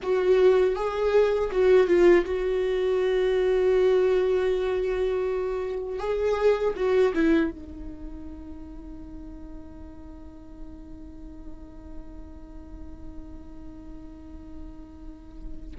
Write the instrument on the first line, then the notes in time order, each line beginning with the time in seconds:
viola
0.02 F#4
0.75 G#4
1.51 F#4
1.87 F4
2.25 F#4
5.99 G#4
6.75 F#4
7.14 E4
7.50 D#4